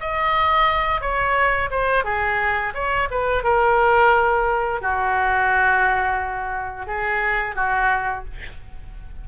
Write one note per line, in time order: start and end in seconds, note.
0.00 1.01 D#5
1.01 1.70 C#5
1.71 2.04 C5
2.04 2.73 G#4
2.74 3.09 C#5
3.11 3.44 B4
3.44 4.82 A#4
4.82 6.87 F#4
6.87 7.55 G#4
7.55 8.24 F#4